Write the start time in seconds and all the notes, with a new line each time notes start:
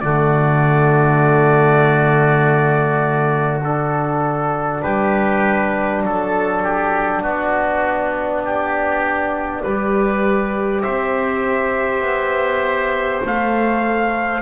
0.00 D3 A3 F#4 D5
3.64 D4 A4
4.82 G3 G4 B4
6.03 F#3 A4
6.62 G4
7.21 B3 F#4 D5
8.45 G4
9.62 G3 G4 B4
10.82 C4 C5 E5
12.01 B3
13.24 A3 A4 F5